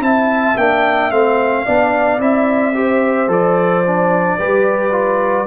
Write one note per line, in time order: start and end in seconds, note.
0.00 0.55 C4
0.00 0.55 E4
0.00 1.66 E5
0.00 0.57 A5
0.57 1.11 A#3
0.57 1.11 D4
0.57 1.11 G5
1.11 1.65 A3
1.11 1.66 C4
1.11 2.20 F5
1.66 2.19 B3
1.66 2.19 D4
1.66 2.75 D5
2.19 3.28 C4
2.19 2.73 E4
2.19 3.30 E5
2.74 3.28 G4
2.74 4.39 C5
3.28 4.37 F3
3.28 3.82 A4
3.28 5.47 D5
3.86 4.40 D4
4.39 5.47 G3
4.39 4.91 G4
4.39 5.47 B4
4.91 5.46 F4